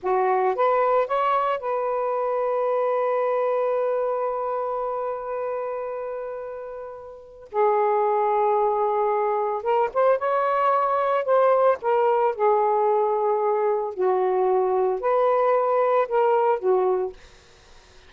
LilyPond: \new Staff \with { instrumentName = "saxophone" } { \time 4/4 \tempo 4 = 112 fis'4 b'4 cis''4 b'4~ | b'1~ | b'1~ | b'2 gis'2~ |
gis'2 ais'8 c''8 cis''4~ | cis''4 c''4 ais'4 gis'4~ | gis'2 fis'2 | b'2 ais'4 fis'4 | }